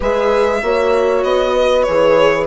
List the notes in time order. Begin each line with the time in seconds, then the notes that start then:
0.00 G#3 G#4 B4 E5
0.62 A#3 F#4 C#5
1.23 B3 D#5
1.53 B4
1.82 E3 G#4 C#5